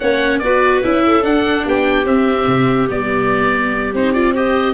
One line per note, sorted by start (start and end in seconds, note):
0.00 0.41 A#3
0.00 0.42 C#4
0.00 0.42 C#5
0.00 0.39 F#5
0.39 0.82 B3
0.39 0.84 F#4
0.39 1.05 B4
0.39 0.81 D5
0.84 1.23 C#4
0.84 1.22 E4
0.84 1.25 E5
1.05 1.66 A4
1.22 2.05 D4
1.22 1.65 D4
1.22 1.67 F#5
1.66 2.05 B3
1.66 4.33 G4
1.66 2.07 G5
2.05 2.46 C4
2.05 2.89 C4
2.05 2.90 E5
2.47 2.89 C3
2.89 3.94 G3
2.89 3.93 B3
2.89 3.94 D5
3.94 4.74 C4
3.94 4.15 D#4
3.94 4.13 C5
4.13 4.34 F4
4.13 4.34 D5
4.33 4.74 G4
4.33 4.74 C5
4.33 4.74 D#5